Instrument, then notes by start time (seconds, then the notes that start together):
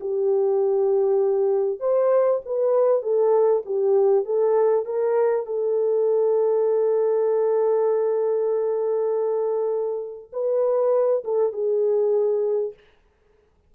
horn
0.00 G4
1.80 C5
2.45 B4
3.02 A4
3.65 G4
4.25 A4
4.85 A#4
5.46 A4
10.32 B4
11.24 A4
11.52 G#4